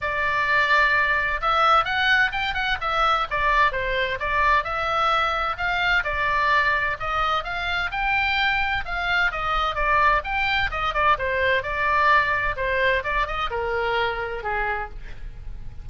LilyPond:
\new Staff \with { instrumentName = "oboe" } { \time 4/4 \tempo 4 = 129 d''2. e''4 | fis''4 g''8 fis''8 e''4 d''4 | c''4 d''4 e''2 | f''4 d''2 dis''4 |
f''4 g''2 f''4 | dis''4 d''4 g''4 dis''8 d''8 | c''4 d''2 c''4 | d''8 dis''8 ais'2 gis'4 | }